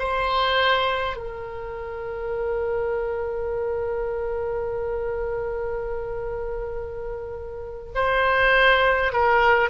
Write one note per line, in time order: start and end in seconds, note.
0.00 1.17 C5
1.17 7.94 A#4
7.95 9.13 C5
9.13 9.70 A#4